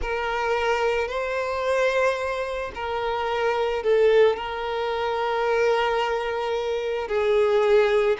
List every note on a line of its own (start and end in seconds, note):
0.01 1.08 A#4
1.08 2.71 C5
2.74 3.83 A#4
3.83 4.36 A4
4.36 7.08 A#4
7.08 8.17 G#4